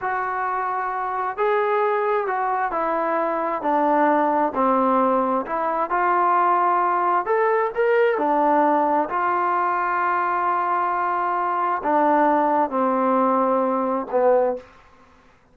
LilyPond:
\new Staff \with { instrumentName = "trombone" } { \time 4/4 \tempo 4 = 132 fis'2. gis'4~ | gis'4 fis'4 e'2 | d'2 c'2 | e'4 f'2. |
a'4 ais'4 d'2 | f'1~ | f'2 d'2 | c'2. b4 | }